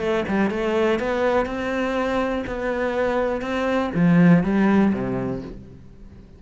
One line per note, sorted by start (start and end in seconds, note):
0.00 0.25 A3
0.28 0.50 G3
0.50 0.99 A3
0.99 1.46 B3
1.46 2.44 C4
2.47 3.42 B3
3.42 3.91 C4
3.95 4.44 F3
4.44 4.93 G3
4.93 5.42 C3